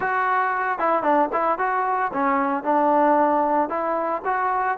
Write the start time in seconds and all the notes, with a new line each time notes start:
0.00 F#4
0.78 E4
1.02 D4
1.32 E4
1.58 F#4
2.13 C#4
2.63 D4
3.69 E4
4.25 F#4